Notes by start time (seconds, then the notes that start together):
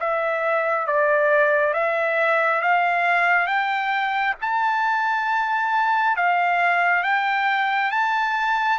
0.00 E5
0.86 D5
1.73 E5
2.61 F5
3.46 G5
4.41 A5
6.16 F5
7.03 G5
7.91 A5